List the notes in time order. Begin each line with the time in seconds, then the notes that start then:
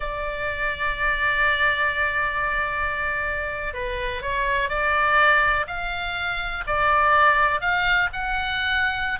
0.00 D5
3.73 B4
4.22 C#5
4.69 D5
5.67 F5
6.66 D5
7.60 F5
8.12 F#5